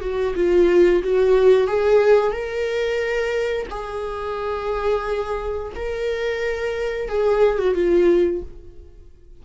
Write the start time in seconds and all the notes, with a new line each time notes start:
0.00 F#4
0.35 F4
1.03 F#4
1.67 G#4
2.31 A#4
3.70 G#4
5.75 A#4
7.08 G#4
7.58 F#4
7.74 F4